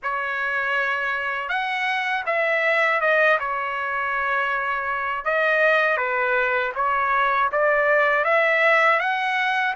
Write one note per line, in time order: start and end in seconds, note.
0.02 1.49 C#5
1.49 2.24 F#5
2.25 3.00 E5
3.00 3.38 D#5
3.39 5.25 C#5
5.25 5.97 D#5
5.97 6.72 B4
6.75 7.50 C#5
7.51 8.24 D5
8.24 8.99 E5
8.99 9.74 F#5